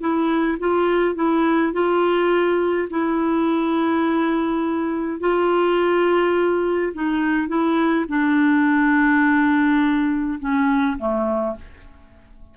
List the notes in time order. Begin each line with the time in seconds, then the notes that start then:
0.00 E4
0.59 F4
1.15 E4
1.72 F4
2.90 E4
5.19 F4
6.93 D#4
7.48 E4
8.08 D4
10.39 C#4
10.98 A3